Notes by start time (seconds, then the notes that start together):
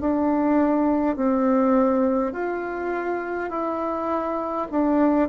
0.00 D4
1.16 C4
2.32 F4
3.50 E4
4.71 D4